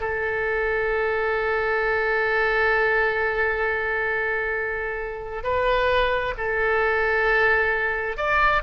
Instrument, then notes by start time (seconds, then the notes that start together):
oboe
0.00 A4
5.43 B4
6.37 A4
8.17 D5